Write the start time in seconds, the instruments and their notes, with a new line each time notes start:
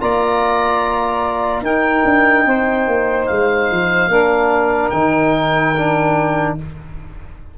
0.00 tuba A#3, trombone F4, saxophone D5, oboe A#5
1.61 tuba D#4, trombone D#4, saxophone A#4, oboe G5
2.04 tuba D4
2.46 tuba C4, saxophone C5
2.86 tuba A#3
3.27 tuba G#3, oboe F5
3.71 tuba F3
4.08 tuba A#3, trombone D4, saxophone A#4
4.90 tuba D#3, trombone D#4, oboe G5
5.76 trombone D4